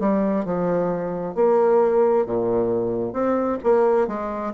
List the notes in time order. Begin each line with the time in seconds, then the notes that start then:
0.00 G3
0.45 F3
1.35 A#3
2.26 A#2
3.13 C4
3.63 A#3
4.07 G#3